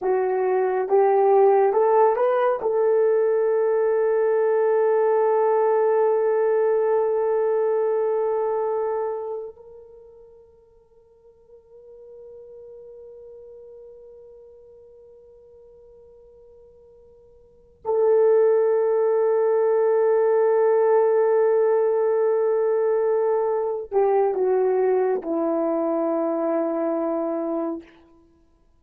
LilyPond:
\new Staff \with { instrumentName = "horn" } { \time 4/4 \tempo 4 = 69 fis'4 g'4 a'8 b'8 a'4~ | a'1~ | a'2. ais'4~ | ais'1~ |
ais'1~ | ais'8 a'2.~ a'8~ | a'2.~ a'8 g'8 | fis'4 e'2. | }